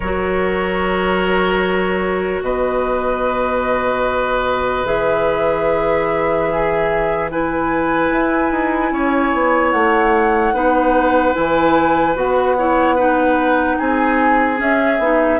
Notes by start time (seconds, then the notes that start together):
0.00 F#3 F#4 A#4 C#5
2.41 B2 B4 D#5
4.85 E3 G#4 E5
6.50 G#4
7.30 E4 B4 G#5
8.11 E4
8.51 D#4
8.91 C#4 C#5
9.33 B3
9.71 A3 F#5
10.53 B3 D#4 B4
11.34 E3 E4 G#5
12.15 B3 F#4 F#5
12.57 E4 C#5
12.95 D#4 B4
13.78 C4 G#4 G#5
14.57 C#4 E5
14.98 B3 D#4